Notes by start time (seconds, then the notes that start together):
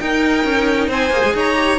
0.00 D#4 A#4 G5
0.45 C#4
0.89 C4 C5 G#5
1.11 A#3 G#4
1.24 G#3
1.34 D#4 C#5 A#5
1.57 G4